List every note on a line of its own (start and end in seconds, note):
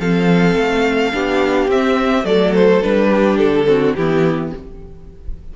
0.00 0.57 F3
0.00 1.12 C4
0.00 1.14 A4
0.00 1.70 F5
0.57 1.13 A3
1.12 1.68 B3
1.12 1.69 D4
1.12 2.27 G4
1.68 2.25 C4
1.68 2.26 E5
2.25 2.81 F#3
2.25 2.81 A3
2.25 3.09 A4
2.25 2.54 D5
2.55 2.83 C5
2.83 3.40 G3
2.83 3.67 D4
2.83 3.38 B4
3.09 3.66 G4
3.38 3.96 D3
3.38 3.94 A4
3.67 3.95 C4
3.67 3.97 F#4
3.95 4.53 E3
3.95 4.56 B3
3.95 4.54 E4
3.95 4.52 G4